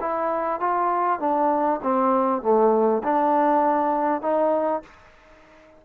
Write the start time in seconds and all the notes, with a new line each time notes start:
0.00 E4
0.60 F4
1.19 D4
1.82 C4
2.42 A3
3.03 D4
4.21 D#4